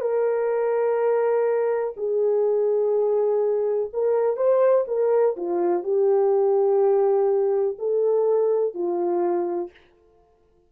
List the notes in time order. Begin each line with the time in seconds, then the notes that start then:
0.00 A#4
1.96 G#4
3.93 A#4
4.36 C5
4.87 A#4
5.37 F4
5.83 G4
7.79 A4
8.74 F4